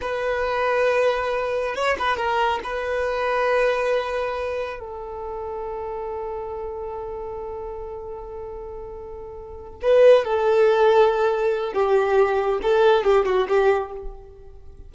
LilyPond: \new Staff \with { instrumentName = "violin" } { \time 4/4 \tempo 4 = 138 b'1 | cis''8 b'8 ais'4 b'2~ | b'2. a'4~ | a'1~ |
a'1~ | a'2~ a'8 b'4 a'8~ | a'2. g'4~ | g'4 a'4 g'8 fis'8 g'4 | }